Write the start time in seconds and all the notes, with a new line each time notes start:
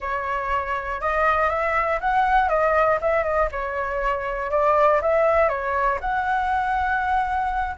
0.00 C#5
1.00 D#5
1.49 E5
2.00 F#5
2.49 D#5
3.01 E5
3.23 D#5
3.51 C#5
4.50 D5
5.01 E5
5.48 C#5
6.00 F#5